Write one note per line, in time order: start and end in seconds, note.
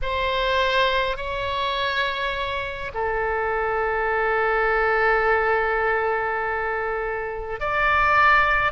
0.02 1.17 C5
1.17 2.91 C#5
2.94 7.60 A4
7.60 8.72 D5